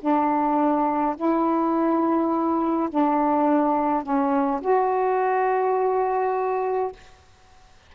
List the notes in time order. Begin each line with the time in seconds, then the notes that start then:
0.00 D4
1.16 E4
2.90 D4
4.03 C#4
4.61 F#4